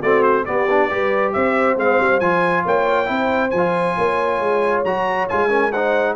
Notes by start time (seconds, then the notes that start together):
0.00 A3 C4 F#4 D5
0.23 C5
0.45 B3 G4 D5
0.70 D4
0.90 G3 G4 B4
1.33 C4 C5 E5
1.76 G#3 C4 F5
2.00 G3
2.20 F3 F4 G#5
2.65 A#3 C#5 G5
3.06 C4 E4 C5
3.50 F3 G#5
3.57 F4
3.98 A#3 C#5
4.40 G#3
4.84 F#3 F#4 A#5
5.29 G#3 F4 G#5
5.49 C#4 A#4
5.71 D#4 C5 F#5